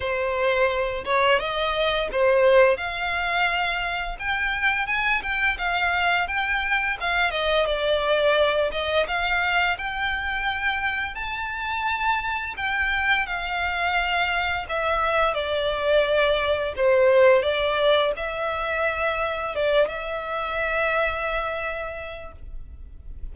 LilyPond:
\new Staff \with { instrumentName = "violin" } { \time 4/4 \tempo 4 = 86 c''4. cis''8 dis''4 c''4 | f''2 g''4 gis''8 g''8 | f''4 g''4 f''8 dis''8 d''4~ | d''8 dis''8 f''4 g''2 |
a''2 g''4 f''4~ | f''4 e''4 d''2 | c''4 d''4 e''2 | d''8 e''2.~ e''8 | }